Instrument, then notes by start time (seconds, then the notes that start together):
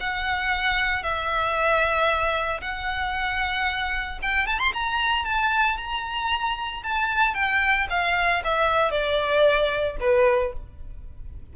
violin
0.00 F#5
1.03 E5
2.61 F#5
4.22 G5
4.47 A5
4.59 C6
4.73 A#5
5.25 A5
5.77 A#5
6.83 A5
7.34 G5
7.90 F5
8.44 E5
8.91 D5
10.00 B4